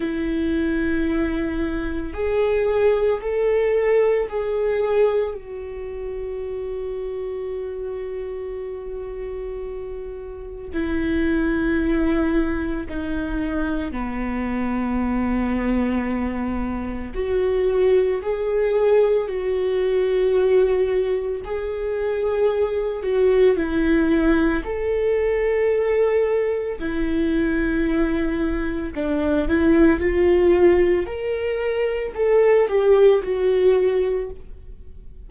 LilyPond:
\new Staff \with { instrumentName = "viola" } { \time 4/4 \tempo 4 = 56 e'2 gis'4 a'4 | gis'4 fis'2.~ | fis'2 e'2 | dis'4 b2. |
fis'4 gis'4 fis'2 | gis'4. fis'8 e'4 a'4~ | a'4 e'2 d'8 e'8 | f'4 ais'4 a'8 g'8 fis'4 | }